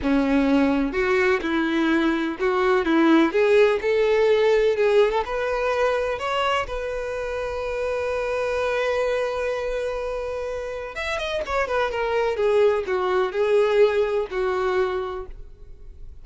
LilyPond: \new Staff \with { instrumentName = "violin" } { \time 4/4 \tempo 4 = 126 cis'2 fis'4 e'4~ | e'4 fis'4 e'4 gis'4 | a'2 gis'8. a'16 b'4~ | b'4 cis''4 b'2~ |
b'1~ | b'2. e''8 dis''8 | cis''8 b'8 ais'4 gis'4 fis'4 | gis'2 fis'2 | }